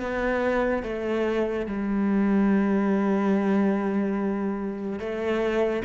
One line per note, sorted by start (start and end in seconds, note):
0.00 0.83 B3
0.83 1.67 A3
1.67 5.00 G3
5.00 5.83 A3